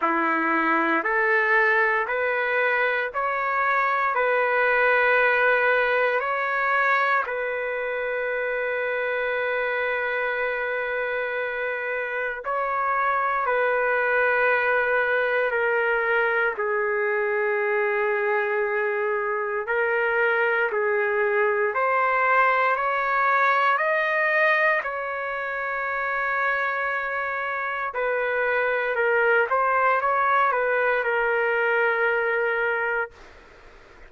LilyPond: \new Staff \with { instrumentName = "trumpet" } { \time 4/4 \tempo 4 = 58 e'4 a'4 b'4 cis''4 | b'2 cis''4 b'4~ | b'1 | cis''4 b'2 ais'4 |
gis'2. ais'4 | gis'4 c''4 cis''4 dis''4 | cis''2. b'4 | ais'8 c''8 cis''8 b'8 ais'2 | }